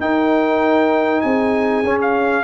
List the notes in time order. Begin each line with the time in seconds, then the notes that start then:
0.00 D#4 A#4 G5
1.21 C4 G#4 G#5
1.83 C#4
2.02 F5